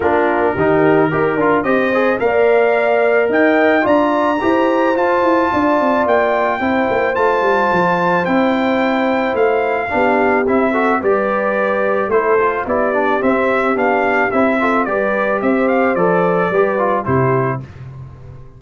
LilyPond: <<
  \new Staff \with { instrumentName = "trumpet" } { \time 4/4 \tempo 4 = 109 ais'2. dis''4 | f''2 g''4 ais''4~ | ais''4 a''2 g''4~ | g''4 a''2 g''4~ |
g''4 f''2 e''4 | d''2 c''4 d''4 | e''4 f''4 e''4 d''4 | e''8 f''8 d''2 c''4 | }
  \new Staff \with { instrumentName = "horn" } { \time 4/4 f'4 g'4 ais'4 c''4 | d''2 dis''4 d''4 | c''2 d''2 | c''1~ |
c''2 g'4. a'8 | b'2 a'4 g'4~ | g'2~ g'8 a'8 b'4 | c''2 b'4 g'4 | }
  \new Staff \with { instrumentName = "trombone" } { \time 4/4 d'4 dis'4 g'8 f'8 g'8 gis'8 | ais'2. f'4 | g'4 f'2. | e'4 f'2 e'4~ |
e'2 d'4 e'8 fis'8 | g'2 e'8 f'8 e'8 d'8 | c'4 d'4 e'8 f'8 g'4~ | g'4 a'4 g'8 f'8 e'4 | }
  \new Staff \with { instrumentName = "tuba" } { \time 4/4 ais4 dis4 dis'8 d'8 c'4 | ais2 dis'4 d'4 | e'4 f'8 e'8 d'8 c'8 ais4 | c'8 ais8 a8 g8 f4 c'4~ |
c'4 a4 b4 c'4 | g2 a4 b4 | c'4 b4 c'4 g4 | c'4 f4 g4 c4 | }
>>